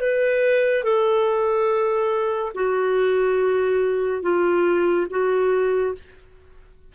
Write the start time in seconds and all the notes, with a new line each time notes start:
0.00 B4
0.83 A4
2.54 F#4
4.22 F4
5.10 F#4